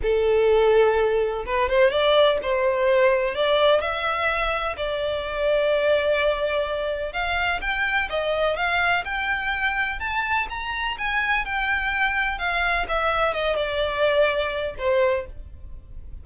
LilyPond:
\new Staff \with { instrumentName = "violin" } { \time 4/4 \tempo 4 = 126 a'2. b'8 c''8 | d''4 c''2 d''4 | e''2 d''2~ | d''2. f''4 |
g''4 dis''4 f''4 g''4~ | g''4 a''4 ais''4 gis''4 | g''2 f''4 e''4 | dis''8 d''2~ d''8 c''4 | }